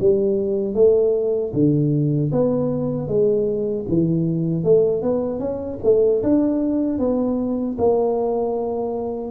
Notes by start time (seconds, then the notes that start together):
0.00 G3
0.75 A3
1.54 D3
2.32 B3
3.08 G#3
3.89 E3
4.64 A3
5.03 B3
5.40 C#4
5.84 A3
6.23 D4
6.99 B3
7.79 A#3